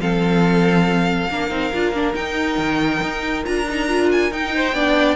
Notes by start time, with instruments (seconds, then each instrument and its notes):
0.00 cello F3, viola C4, violin A4 F5
1.30 cello A#3, viola D4, violin A#4
1.50 cello C4, viola D#4
1.74 cello D4, viola F4
1.92 cello A#3, viola D4
2.14 viola D#4, cello D#4, violin G5
2.58 cello D#3
3.03 cello D#4
3.44 cello D4, viola F4, violin A#5
3.69 viola D#4
3.88 viola F4
4.12 violin G#5
4.31 cello D#4, viola D#4, violin G5
4.55 violin C5
4.73 cello B3, viola D4, violin D5